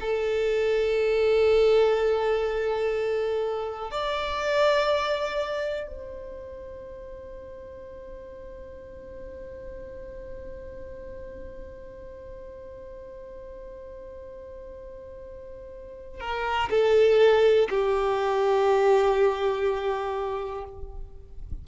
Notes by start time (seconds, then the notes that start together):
0.00 A4
3.91 D5
5.87 C5
16.20 A#4
16.70 A4
17.70 G4